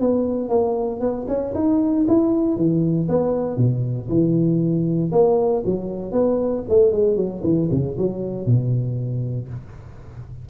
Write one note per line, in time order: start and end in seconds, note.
0.00 0.48 B3
0.48 1.00 A#3
1.00 1.25 B3
1.28 1.53 C#4
1.54 2.06 D#4
2.07 2.56 E4
2.56 3.07 E3
3.08 3.57 B3
3.57 4.08 B2
4.08 5.11 E3
5.11 5.63 A#3
5.65 6.11 F#3
6.11 6.63 B3
6.69 6.91 A3
6.91 7.16 G#3
7.16 7.41 F#3
7.43 7.69 E3
7.71 7.96 C#3
7.97 8.45 F#3
8.45 9.48 B2